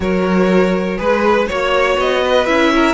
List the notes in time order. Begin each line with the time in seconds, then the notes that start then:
0.00 F#3 F#4 A#4 C#5
0.97 G#3 G#4 B4
1.47 A#3 F#4 C#5
1.97 B3 D#5
2.23 B4
2.46 C#4 E4 E5
2.75 A#4